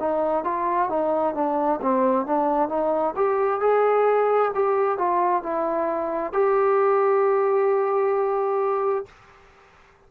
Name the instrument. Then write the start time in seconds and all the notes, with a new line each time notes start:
trombone
0.00 D#4
0.44 F4
0.90 D#4
1.35 D4
1.82 C4
2.26 D4
2.69 D#4
3.16 G4
3.61 G#4
4.55 G4
4.98 F4
5.43 E4
6.33 G4